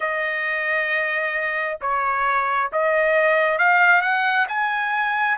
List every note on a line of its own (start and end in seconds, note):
0.00 1.77 D#5
1.81 2.71 C#5
2.72 3.58 D#5
3.58 4.01 F5
4.01 4.46 F#5
4.48 5.37 G#5